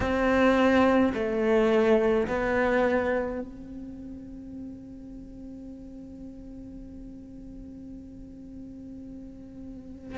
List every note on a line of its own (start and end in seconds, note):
0.00 1.13 C4
1.13 2.26 A3
2.27 3.40 B3
3.40 10.18 C4